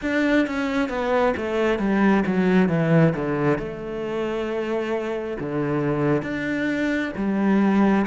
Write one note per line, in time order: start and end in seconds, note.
0.02 0.46 D4
0.46 0.89 C#4
0.89 1.34 B3
1.36 1.79 A3
1.79 2.23 G3
2.26 2.69 F#3
2.69 3.13 E3
3.15 3.58 D3
3.58 5.37 A3
5.39 6.22 D3
6.22 7.12 D4
7.16 8.06 G3